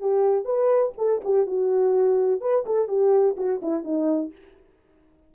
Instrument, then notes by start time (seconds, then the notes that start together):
horn
0.00 G4
0.45 B4
0.98 A4
1.25 G4
1.47 F#4
2.41 B4
2.66 A4
2.88 G4
3.37 F#4
3.62 E4
3.84 D#4